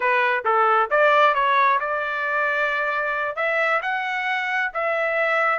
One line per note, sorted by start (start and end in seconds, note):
0.00 0.44 B4
0.45 0.89 A4
0.90 1.34 D5
1.34 1.79 C#5
1.80 3.36 D5
3.36 3.81 E5
3.82 4.71 F#5
4.73 5.59 E5